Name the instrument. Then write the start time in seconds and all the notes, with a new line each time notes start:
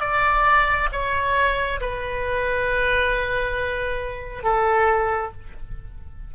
oboe
0.00 D5
0.92 C#5
1.80 B4
4.43 A4